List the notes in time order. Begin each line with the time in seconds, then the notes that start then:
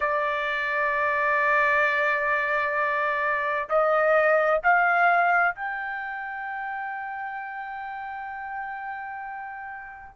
0.00 D5
3.69 D#5
4.63 F5
5.55 G5